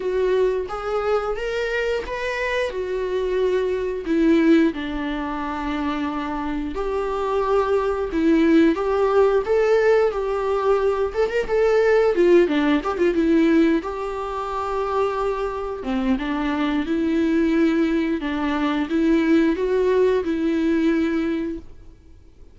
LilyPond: \new Staff \with { instrumentName = "viola" } { \time 4/4 \tempo 4 = 89 fis'4 gis'4 ais'4 b'4 | fis'2 e'4 d'4~ | d'2 g'2 | e'4 g'4 a'4 g'4~ |
g'8 a'16 ais'16 a'4 f'8 d'8 g'16 f'16 e'8~ | e'8 g'2. c'8 | d'4 e'2 d'4 | e'4 fis'4 e'2 | }